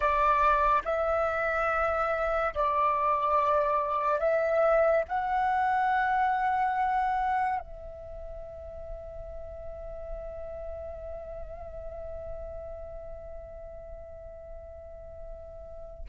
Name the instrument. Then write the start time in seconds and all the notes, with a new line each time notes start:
flute
0.00 D5
0.85 E5
2.54 D5
4.19 E5
5.08 F#5
7.59 E5